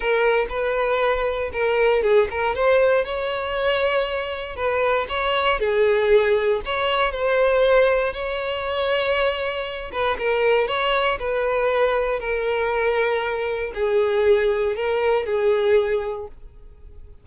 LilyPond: \new Staff \with { instrumentName = "violin" } { \time 4/4 \tempo 4 = 118 ais'4 b'2 ais'4 | gis'8 ais'8 c''4 cis''2~ | cis''4 b'4 cis''4 gis'4~ | gis'4 cis''4 c''2 |
cis''2.~ cis''8 b'8 | ais'4 cis''4 b'2 | ais'2. gis'4~ | gis'4 ais'4 gis'2 | }